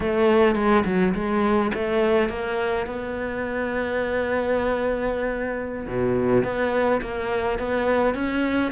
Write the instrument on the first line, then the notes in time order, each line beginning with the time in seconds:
cello
0.00 A3
0.55 G#3
0.85 F#3
1.14 G#3
1.74 A3
2.29 A#3
2.86 B3
5.87 B2
6.43 B3
7.01 A#3
7.58 B3
8.14 C#4